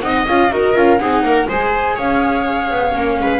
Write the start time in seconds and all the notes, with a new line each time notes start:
0.00 C4 D#4 D#5 F#5
0.27 C#4 F4 F5
0.50 D#4 F#4 A#4 D#5
0.74 C#4 F4 F5
0.98 C4 D#4 G#4 F#5
1.22 A#3 A#4
1.48 G#3 G#4 C5 G#5
1.95 C#4 C#5 F5
2.70 B3
2.91 A#3 C#4
3.20 G#3 B4